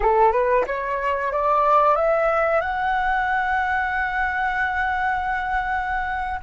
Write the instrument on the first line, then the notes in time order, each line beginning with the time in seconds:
flute
0.00 A4
0.31 B4
0.67 C#5
1.32 D5
1.95 E5
2.60 F#5